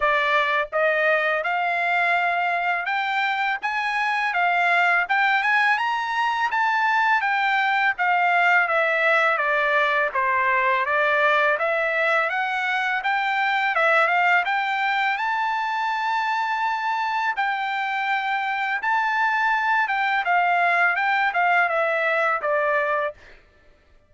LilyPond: \new Staff \with { instrumentName = "trumpet" } { \time 4/4 \tempo 4 = 83 d''4 dis''4 f''2 | g''4 gis''4 f''4 g''8 gis''8 | ais''4 a''4 g''4 f''4 | e''4 d''4 c''4 d''4 |
e''4 fis''4 g''4 e''8 f''8 | g''4 a''2. | g''2 a''4. g''8 | f''4 g''8 f''8 e''4 d''4 | }